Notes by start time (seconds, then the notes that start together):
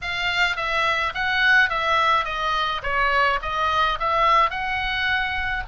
0.01 F5
0.56 E5
1.14 F#5
1.69 E5
2.24 D#5
2.83 C#5
3.42 D#5
3.99 E5
4.50 F#5